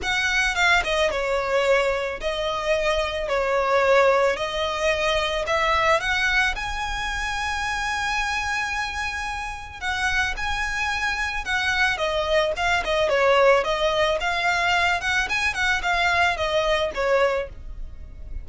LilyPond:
\new Staff \with { instrumentName = "violin" } { \time 4/4 \tempo 4 = 110 fis''4 f''8 dis''8 cis''2 | dis''2 cis''2 | dis''2 e''4 fis''4 | gis''1~ |
gis''2 fis''4 gis''4~ | gis''4 fis''4 dis''4 f''8 dis''8 | cis''4 dis''4 f''4. fis''8 | gis''8 fis''8 f''4 dis''4 cis''4 | }